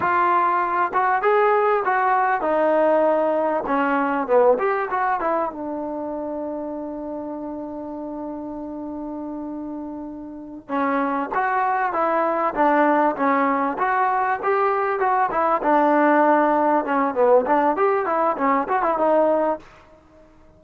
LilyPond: \new Staff \with { instrumentName = "trombone" } { \time 4/4 \tempo 4 = 98 f'4. fis'8 gis'4 fis'4 | dis'2 cis'4 b8 g'8 | fis'8 e'8 d'2.~ | d'1~ |
d'4. cis'4 fis'4 e'8~ | e'8 d'4 cis'4 fis'4 g'8~ | g'8 fis'8 e'8 d'2 cis'8 | b8 d'8 g'8 e'8 cis'8 fis'16 e'16 dis'4 | }